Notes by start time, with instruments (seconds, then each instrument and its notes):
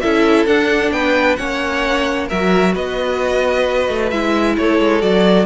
0.00 cello C#4, viola E4, violin A4 E5
0.46 cello D4, viola D4, violin F#5
0.91 cello B3, violin B4 G5
1.36 cello A#3, viola C#4, violin C#5 F#5
2.27 cello F#3, viola F#4, violin A#4 E5
2.74 cello B3, violin B4 D#5
3.88 cello A3
4.10 cello G#3, viola E4, violin E5
4.57 cello A3, violin A4 C#5
4.80 cello G#3
5.00 cello F#3, viola F#4, violin D5